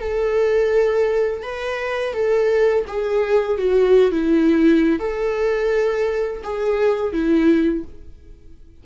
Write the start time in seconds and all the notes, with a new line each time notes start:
0.00 A4
1.43 B4
2.14 A4
2.87 G#4
3.58 F#4
4.11 E4
4.99 A4
6.43 G#4
7.13 E4